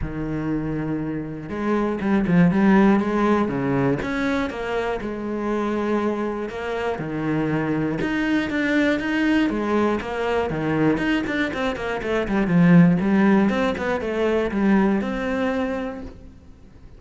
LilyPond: \new Staff \with { instrumentName = "cello" } { \time 4/4 \tempo 4 = 120 dis2. gis4 | g8 f8 g4 gis4 cis4 | cis'4 ais4 gis2~ | gis4 ais4 dis2 |
dis'4 d'4 dis'4 gis4 | ais4 dis4 dis'8 d'8 c'8 ais8 | a8 g8 f4 g4 c'8 b8 | a4 g4 c'2 | }